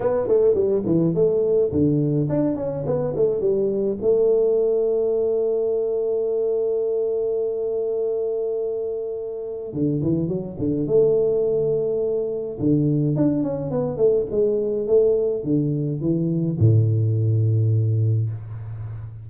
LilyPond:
\new Staff \with { instrumentName = "tuba" } { \time 4/4 \tempo 4 = 105 b8 a8 g8 e8 a4 d4 | d'8 cis'8 b8 a8 g4 a4~ | a1~ | a1~ |
a4 d8 e8 fis8 d8 a4~ | a2 d4 d'8 cis'8 | b8 a8 gis4 a4 d4 | e4 a,2. | }